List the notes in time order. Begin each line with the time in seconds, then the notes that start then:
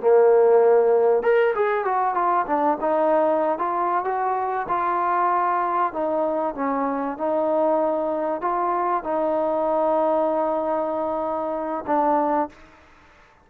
0.00 A#3
1.22 A#4
1.55 G#4
1.85 F#4
2.14 F4
2.47 D4
2.81 D#4
3.58 F4
4.04 F#4
4.68 F4
5.93 D#4
6.55 C#4
7.17 D#4
8.41 F4
9.04 D#4
11.87 D4